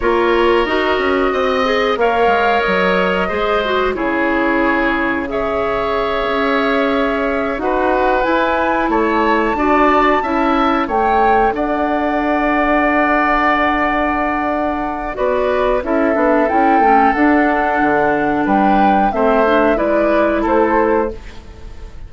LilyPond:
<<
  \new Staff \with { instrumentName = "flute" } { \time 4/4 \tempo 4 = 91 cis''4 dis''2 f''4 | dis''2 cis''2 | e''2.~ e''8 fis''8~ | fis''8 gis''4 a''2~ a''8~ |
a''8 g''4 fis''2~ fis''8~ | fis''2. d''4 | e''4 g''4 fis''2 | g''4 e''4 d''4 c''4 | }
  \new Staff \with { instrumentName = "oboe" } { \time 4/4 ais'2 dis''4 cis''4~ | cis''4 c''4 gis'2 | cis''2.~ cis''8 b'8~ | b'4. cis''4 d''4 e''8~ |
e''8 cis''4 d''2~ d''8~ | d''2. b'4 | a'1 | b'4 c''4 b'4 a'4 | }
  \new Staff \with { instrumentName = "clarinet" } { \time 4/4 f'4 fis'4. gis'8 ais'4~ | ais'4 gis'8 fis'8 e'2 | gis'2.~ gis'8 fis'8~ | fis'8 e'2 fis'4 e'8~ |
e'8 a'2.~ a'8~ | a'2. fis'4 | e'8 d'8 e'8 cis'8 d'2~ | d'4 c'8 d'8 e'2 | }
  \new Staff \with { instrumentName = "bassoon" } { \time 4/4 ais4 dis'8 cis'8 c'4 ais8 gis8 | fis4 gis4 cis2~ | cis4. cis'2 dis'8~ | dis'8 e'4 a4 d'4 cis'8~ |
cis'8 a4 d'2~ d'8~ | d'2. b4 | cis'8 b8 cis'8 a8 d'4 d4 | g4 a4 gis4 a4 | }
>>